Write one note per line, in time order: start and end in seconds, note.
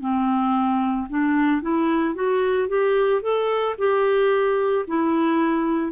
0.00 1.07 C4
1.09 1.61 D4
1.61 2.14 E4
2.14 2.68 F#4
2.68 3.21 G4
3.21 3.75 A4
3.78 4.85 G4
4.87 5.92 E4